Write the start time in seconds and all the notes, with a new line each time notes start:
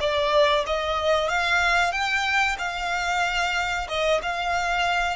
0.00 D5
0.66 D#5
1.29 F5
1.92 G5
2.58 F5
3.89 D#5
4.23 F5